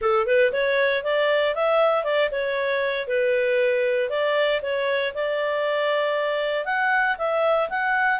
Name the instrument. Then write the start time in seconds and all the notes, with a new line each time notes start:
clarinet
0.01 A4
0.26 B4
0.52 C#5
1.03 D5
1.55 E5
2.04 D5
2.31 C#5
3.07 B4
4.09 D5
4.62 C#5
5.14 D5
6.65 F#5
7.17 E5
7.69 F#5